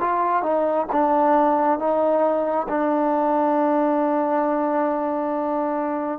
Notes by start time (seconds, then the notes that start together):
0.00 F4
0.43 D#4
0.92 D4
1.78 D#4
2.68 D4